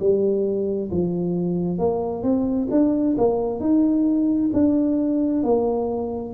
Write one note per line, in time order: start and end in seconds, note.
0.00 0.91 G3
0.92 1.79 F3
1.79 2.23 A#3
2.23 2.69 C4
2.71 3.17 D4
3.18 3.60 A#3
3.60 4.51 D#4
4.53 5.43 D4
5.43 6.34 A#3